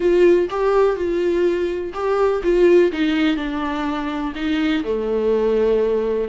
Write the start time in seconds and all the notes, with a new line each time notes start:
0.00 F4
0.50 G4
0.96 F4
1.93 G4
2.43 F4
2.91 D#4
3.36 D4
4.35 D#4
4.83 A3